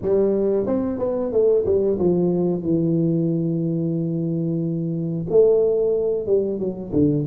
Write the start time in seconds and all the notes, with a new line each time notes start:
0.01 G3
0.66 C4
0.99 B3
1.32 A3
1.65 G3
1.98 F3
2.62 E3
5.29 A3
6.26 G3
6.59 F#3
6.92 D3